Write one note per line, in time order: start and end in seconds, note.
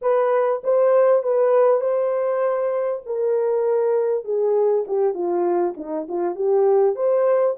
0.01 0.62 B4
0.63 1.23 C5
1.23 1.80 B4
1.80 3.02 C5
3.06 4.24 A#4
4.24 4.85 G#4
4.87 5.13 G4
5.13 5.74 F4
5.77 6.07 D#4
6.08 6.35 F4
6.35 6.95 G4
6.95 7.56 C5